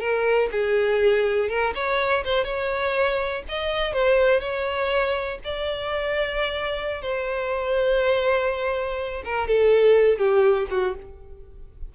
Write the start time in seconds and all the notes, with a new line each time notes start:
0.00 A#4
0.51 G#4
1.49 A#4
1.75 C#5
2.25 C5
2.44 C#5
3.49 D#5
3.93 C5
4.41 C#5
5.45 D5
7.02 C5
9.25 A#4
9.48 A4
10.18 G4
10.71 F#4